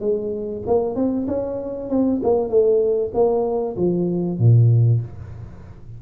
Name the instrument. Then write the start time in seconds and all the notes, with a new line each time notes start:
tuba
0.00 G#3
0.66 A#3
0.95 C4
1.28 C#4
1.89 C4
2.23 A#3
2.49 A3
3.14 A#3
3.77 F3
4.39 A#2